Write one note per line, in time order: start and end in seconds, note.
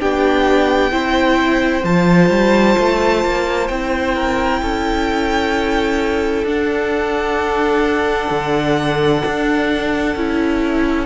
0.00 0.92 B3
0.00 0.91 D4
0.00 0.92 G4
0.00 1.85 G5
0.91 1.84 C4
0.91 1.83 E4
0.91 4.15 C5
1.84 2.29 F3
1.84 3.69 F4
1.84 3.67 A5
2.29 2.76 G3
2.78 3.24 A3
3.24 3.69 A#3
3.67 4.61 C4
3.67 6.46 E4
3.67 6.44 G5
4.15 4.61 A#4
4.61 6.43 C#4
4.61 11.06 A4
6.43 8.28 D4
6.43 10.16 D4
6.43 11.06 F#5
8.30 9.22 D3
9.25 10.15 D4
10.15 11.06 C#4
10.15 11.06 E4